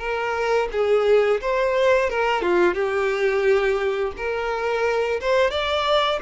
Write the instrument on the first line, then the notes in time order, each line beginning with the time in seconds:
violin
0.00 A#4
0.72 G#4
1.41 C5
2.10 A#4
2.42 F4
2.75 G4
4.17 A#4
5.21 C5
5.51 D5